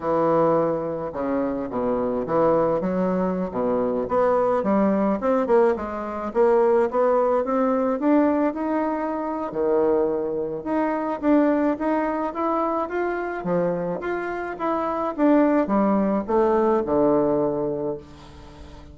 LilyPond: \new Staff \with { instrumentName = "bassoon" } { \time 4/4 \tempo 4 = 107 e2 cis4 b,4 | e4 fis4~ fis16 b,4 b8.~ | b16 g4 c'8 ais8 gis4 ais8.~ | ais16 b4 c'4 d'4 dis'8.~ |
dis'4 dis2 dis'4 | d'4 dis'4 e'4 f'4 | f4 f'4 e'4 d'4 | g4 a4 d2 | }